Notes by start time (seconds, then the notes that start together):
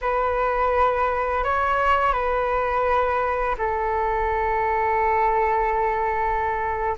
0.01 B4
1.44 C#5
2.12 B4
3.57 A4